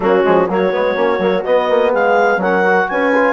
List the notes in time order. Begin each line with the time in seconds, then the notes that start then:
0.00 F#3 A#3 C#4 F#4
0.23 F3 G#3
0.48 F#3 A#3 F#4 C#5
0.71 G#3 B3
0.95 A#3 C#4
1.18 F#3 A#3
1.44 B3 D#5
1.69 A#3
1.91 G#3 G#4 F5
2.36 F#3 A#4 F#5
2.43 C#4
2.65 F#4
2.88 C#4 B4 G#5
3.15 F4